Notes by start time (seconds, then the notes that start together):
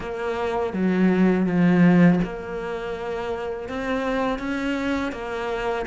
0.00 A#3
0.73 F#3
1.46 F3
2.23 A#3
3.68 C4
4.38 C#4
5.12 A#3